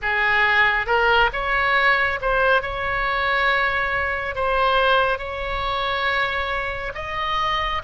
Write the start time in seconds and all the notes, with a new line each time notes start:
0.02 G#4
0.86 A#4
1.32 C#5
2.21 C5
2.62 C#5
4.35 C5
5.18 C#5
6.94 D#5